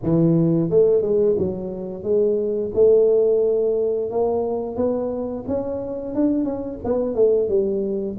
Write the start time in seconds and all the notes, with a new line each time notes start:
0.02 E3
0.70 A3
1.02 G#3
1.38 F#3
2.03 G#3
2.74 A3
4.10 A#3
4.76 B3
5.47 C#4
6.14 D4
6.44 C#4
6.84 B3
7.15 A3
7.48 G3